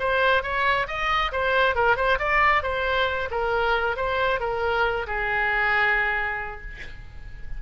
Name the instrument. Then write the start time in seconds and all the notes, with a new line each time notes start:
oboe
0.00 C5
0.43 C#5
0.88 D#5
1.32 C5
1.76 A#4
1.97 C5
2.19 D5
2.63 C5
3.31 A#4
3.97 C5
4.40 A#4
5.07 G#4